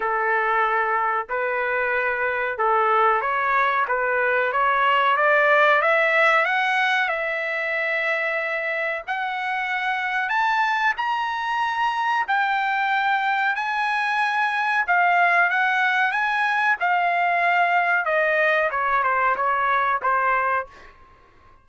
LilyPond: \new Staff \with { instrumentName = "trumpet" } { \time 4/4 \tempo 4 = 93 a'2 b'2 | a'4 cis''4 b'4 cis''4 | d''4 e''4 fis''4 e''4~ | e''2 fis''2 |
a''4 ais''2 g''4~ | g''4 gis''2 f''4 | fis''4 gis''4 f''2 | dis''4 cis''8 c''8 cis''4 c''4 | }